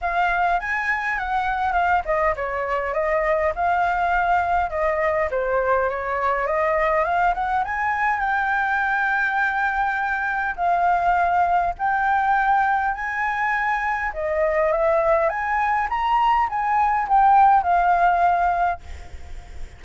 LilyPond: \new Staff \with { instrumentName = "flute" } { \time 4/4 \tempo 4 = 102 f''4 gis''4 fis''4 f''8 dis''8 | cis''4 dis''4 f''2 | dis''4 c''4 cis''4 dis''4 | f''8 fis''8 gis''4 g''2~ |
g''2 f''2 | g''2 gis''2 | dis''4 e''4 gis''4 ais''4 | gis''4 g''4 f''2 | }